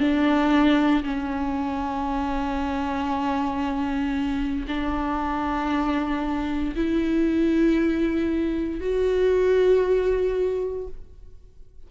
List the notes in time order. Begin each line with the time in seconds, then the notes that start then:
0.00 D4
1.04 C#4
4.68 D4
6.75 E4
8.80 F#4